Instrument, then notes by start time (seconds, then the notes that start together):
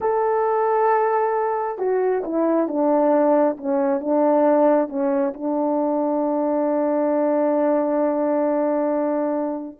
horn
0.00 A4
1.78 F#4
2.24 E4
2.68 D4
3.57 C#4
4.00 D4
4.88 C#4
5.33 D4